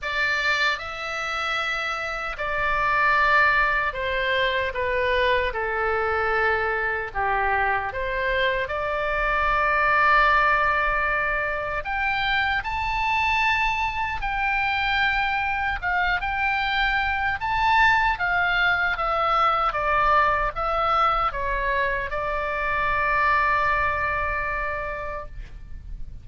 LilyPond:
\new Staff \with { instrumentName = "oboe" } { \time 4/4 \tempo 4 = 76 d''4 e''2 d''4~ | d''4 c''4 b'4 a'4~ | a'4 g'4 c''4 d''4~ | d''2. g''4 |
a''2 g''2 | f''8 g''4. a''4 f''4 | e''4 d''4 e''4 cis''4 | d''1 | }